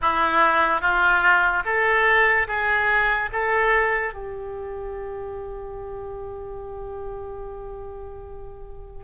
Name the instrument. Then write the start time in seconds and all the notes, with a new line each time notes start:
oboe
0.01 E4
0.81 F4
1.65 A4
2.47 G#4
3.32 A4
4.13 G4